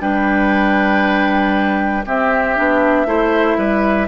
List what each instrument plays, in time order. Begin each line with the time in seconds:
0.00 bassoon G3, clarinet D4, oboe B4, flute G5
2.05 clarinet C4, bassoon C4, oboe G4, flute E5
2.56 bassoon B3, clarinet D4
3.06 bassoon A3, clarinet E4, oboe C5
3.57 bassoon G3, oboe B4